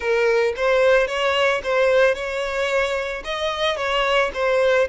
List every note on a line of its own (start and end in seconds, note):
0.00 0.53 A#4
0.56 1.07 C5
1.07 1.61 C#5
1.63 2.14 C5
2.14 3.22 C#5
3.24 3.76 D#5
3.76 4.30 C#5
4.34 4.88 C5